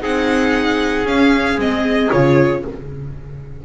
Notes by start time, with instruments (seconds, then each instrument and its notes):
0.00 double bass C4, viola D#4, trumpet G#4, violin F#5
1.04 double bass C#4, viola C#4, violin F5
1.57 double bass G#3, viola C4, violin D#5
2.11 double bass C#3, viola F4, violin C#5